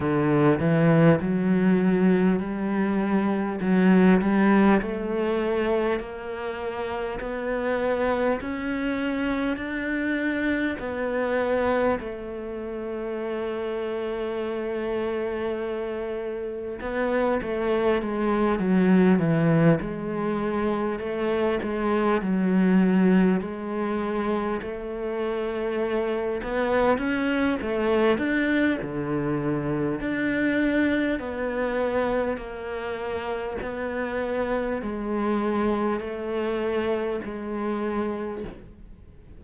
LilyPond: \new Staff \with { instrumentName = "cello" } { \time 4/4 \tempo 4 = 50 d8 e8 fis4 g4 fis8 g8 | a4 ais4 b4 cis'4 | d'4 b4 a2~ | a2 b8 a8 gis8 fis8 |
e8 gis4 a8 gis8 fis4 gis8~ | gis8 a4. b8 cis'8 a8 d'8 | d4 d'4 b4 ais4 | b4 gis4 a4 gis4 | }